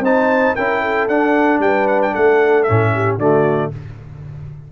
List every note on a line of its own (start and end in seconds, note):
0.00 0.53 C4
0.00 0.58 D#4
0.00 0.56 C5
0.00 0.56 A5
0.56 1.08 C#4
0.56 1.10 E4
0.56 0.82 A#4
0.56 1.08 G5
0.82 1.61 A4
1.08 1.59 D4
1.08 2.68 D4
1.08 1.61 F#5
1.59 2.12 G3
1.59 2.12 B4
1.59 1.88 G5
1.88 2.01 F#5
2.03 2.15 G5
2.12 2.69 A3
2.12 2.91 A4
2.12 2.64 F#5
2.64 3.20 C#4
2.64 3.16 E5
2.70 3.18 A2
2.94 3.19 G4
3.18 3.71 D3
3.18 3.72 A3
3.18 3.72 F#4
3.18 3.72 D5